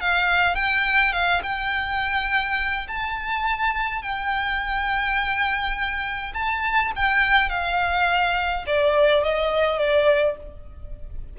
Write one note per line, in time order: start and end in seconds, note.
0.00 0.55 F5
0.55 1.12 G5
1.12 1.41 F5
1.43 2.87 G5
2.87 4.02 A5
4.02 6.33 G5
6.34 6.91 A5
6.95 7.49 G5
7.49 8.64 F5
8.66 9.23 D5
9.23 9.78 D#5
9.78 10.36 D5